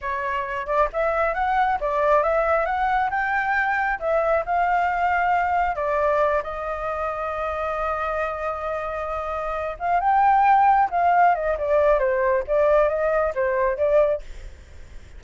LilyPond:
\new Staff \with { instrumentName = "flute" } { \time 4/4 \tempo 4 = 135 cis''4. d''8 e''4 fis''4 | d''4 e''4 fis''4 g''4~ | g''4 e''4 f''2~ | f''4 d''4. dis''4.~ |
dis''1~ | dis''2 f''8 g''4.~ | g''8 f''4 dis''8 d''4 c''4 | d''4 dis''4 c''4 d''4 | }